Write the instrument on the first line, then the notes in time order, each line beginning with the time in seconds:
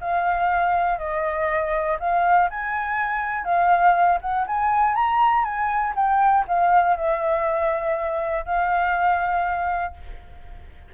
flute
0.00 F5
0.98 D#5
1.99 F5
2.50 G#5
3.44 F5
4.21 F#5
4.47 G#5
4.94 A#5
5.44 G#5
5.95 G5
6.47 F5
6.96 E5
8.45 F5